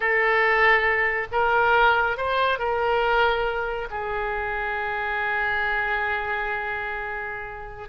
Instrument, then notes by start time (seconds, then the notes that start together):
oboe
0.00 A4
1.31 A#4
2.17 C5
2.58 A#4
3.90 G#4